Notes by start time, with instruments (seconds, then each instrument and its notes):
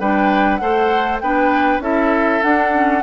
0.00 bassoon G3, clarinet D4, oboe B4, flute G5
0.57 bassoon A3, clarinet A4, oboe C5, flute F#5
1.21 bassoon B3, clarinet D4, oboe B4, flute G5
1.80 bassoon C#4, clarinet E4, oboe A4, flute E5
2.42 clarinet D4, bassoon D4, flute F#5
2.73 clarinet C#4